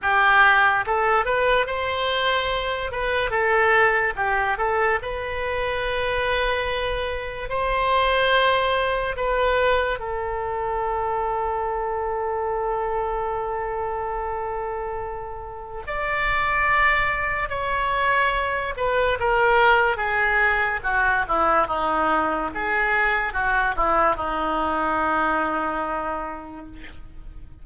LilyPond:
\new Staff \with { instrumentName = "oboe" } { \time 4/4 \tempo 4 = 72 g'4 a'8 b'8 c''4. b'8 | a'4 g'8 a'8 b'2~ | b'4 c''2 b'4 | a'1~ |
a'2. d''4~ | d''4 cis''4. b'8 ais'4 | gis'4 fis'8 e'8 dis'4 gis'4 | fis'8 e'8 dis'2. | }